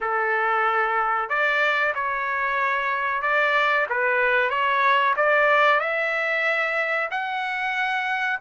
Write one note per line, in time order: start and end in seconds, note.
0.00 1.29 A4
1.29 1.93 D5
1.94 3.21 C#5
3.21 3.86 D5
3.89 4.50 B4
4.50 5.14 C#5
5.16 5.79 D5
5.79 7.09 E5
7.10 8.39 F#5